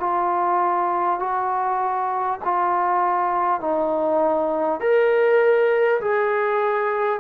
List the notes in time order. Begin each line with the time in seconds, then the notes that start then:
0.00 F4
1.19 F#4
2.44 F4
3.61 D#4
4.81 A#4
6.01 G#4